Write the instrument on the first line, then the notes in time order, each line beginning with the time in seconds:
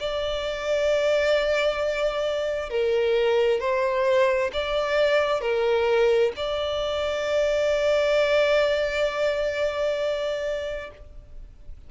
violin
0.00 D5
2.70 A#4
3.60 C5
4.53 D5
5.41 A#4
6.36 D5